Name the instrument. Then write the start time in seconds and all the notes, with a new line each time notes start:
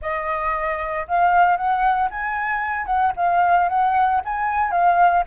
flute
0.01 D#5
1.07 F5
1.56 F#5
2.10 G#5
2.86 F#5
3.16 F5
3.68 F#5
4.24 G#5
4.71 F5